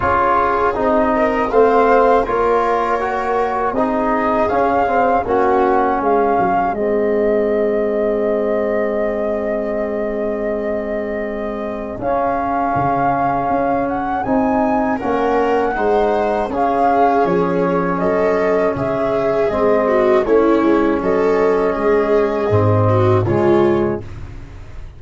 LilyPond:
<<
  \new Staff \with { instrumentName = "flute" } { \time 4/4 \tempo 4 = 80 cis''4 dis''4 f''4 cis''4~ | cis''4 dis''4 f''4 fis''4 | f''4 dis''2.~ | dis''1 |
f''2~ f''8 fis''8 gis''4 | fis''2 f''4 cis''4 | dis''4 e''4 dis''4 cis''4 | dis''2. cis''4 | }
  \new Staff \with { instrumentName = "viola" } { \time 4/4 gis'4. ais'8 c''4 ais'4~ | ais'4 gis'2 fis'4 | gis'1~ | gis'1~ |
gis'1 | ais'4 c''4 gis'2 | a'4 gis'4. fis'8 e'4 | a'4 gis'4. fis'8 f'4 | }
  \new Staff \with { instrumentName = "trombone" } { \time 4/4 f'4 dis'4 c'4 f'4 | fis'4 dis'4 cis'8 c'8 cis'4~ | cis'4 c'2.~ | c'1 |
cis'2. dis'4 | cis'4 dis'4 cis'2~ | cis'2 c'4 cis'4~ | cis'2 c'4 gis4 | }
  \new Staff \with { instrumentName = "tuba" } { \time 4/4 cis'4 c'4 a4 ais4~ | ais4 c'4 cis'4 ais4 | gis8 fis8 gis2.~ | gis1 |
cis'4 cis4 cis'4 c'4 | ais4 gis4 cis'4 f4 | fis4 cis4 gis4 a8 gis8 | fis4 gis4 gis,4 cis4 | }
>>